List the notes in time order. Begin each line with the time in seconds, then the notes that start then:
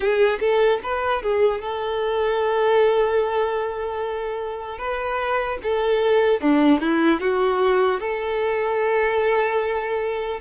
0.00 G#4
0.40 A4
0.83 B4
1.22 G#4
1.61 A4
4.78 B4
5.62 A4
6.40 D4
6.80 E4
7.20 F#4
8.00 A4